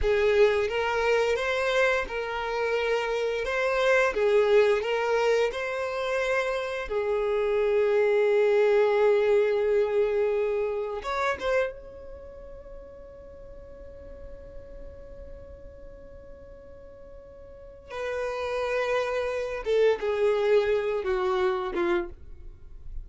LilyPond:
\new Staff \with { instrumentName = "violin" } { \time 4/4 \tempo 4 = 87 gis'4 ais'4 c''4 ais'4~ | ais'4 c''4 gis'4 ais'4 | c''2 gis'2~ | gis'1 |
cis''8 c''8 cis''2.~ | cis''1~ | cis''2 b'2~ | b'8 a'8 gis'4. fis'4 f'8 | }